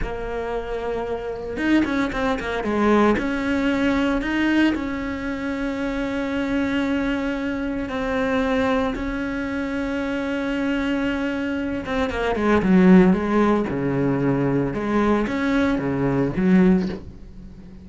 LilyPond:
\new Staff \with { instrumentName = "cello" } { \time 4/4 \tempo 4 = 114 ais2. dis'8 cis'8 | c'8 ais8 gis4 cis'2 | dis'4 cis'2.~ | cis'2. c'4~ |
c'4 cis'2.~ | cis'2~ cis'8 c'8 ais8 gis8 | fis4 gis4 cis2 | gis4 cis'4 cis4 fis4 | }